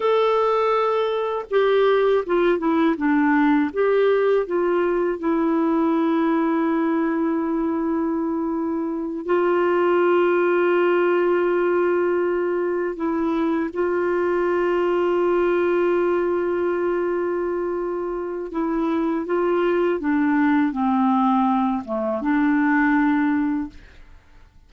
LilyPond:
\new Staff \with { instrumentName = "clarinet" } { \time 4/4 \tempo 4 = 81 a'2 g'4 f'8 e'8 | d'4 g'4 f'4 e'4~ | e'1~ | e'8 f'2.~ f'8~ |
f'4. e'4 f'4.~ | f'1~ | f'4 e'4 f'4 d'4 | c'4. a8 d'2 | }